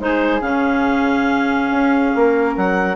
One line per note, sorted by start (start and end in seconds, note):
0.00 0.41 G#3
0.00 0.41 D#4
0.00 2.18 G#4
0.00 0.41 C5
0.41 1.71 C#3
0.41 2.96 C#4
0.41 2.55 F5
1.71 2.12 C#4
2.15 2.56 A#3
2.15 2.96 A#4
2.56 2.96 F#3
2.56 2.96 F#5